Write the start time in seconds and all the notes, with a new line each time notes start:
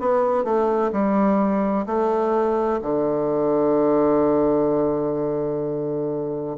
0.00 B3
0.45 A3
0.92 G3
1.87 A3
2.82 D3